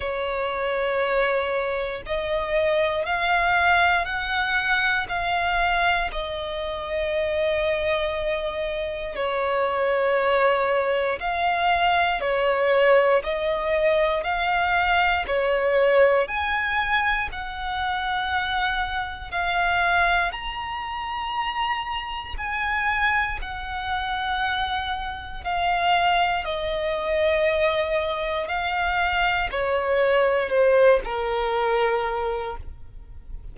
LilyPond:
\new Staff \with { instrumentName = "violin" } { \time 4/4 \tempo 4 = 59 cis''2 dis''4 f''4 | fis''4 f''4 dis''2~ | dis''4 cis''2 f''4 | cis''4 dis''4 f''4 cis''4 |
gis''4 fis''2 f''4 | ais''2 gis''4 fis''4~ | fis''4 f''4 dis''2 | f''4 cis''4 c''8 ais'4. | }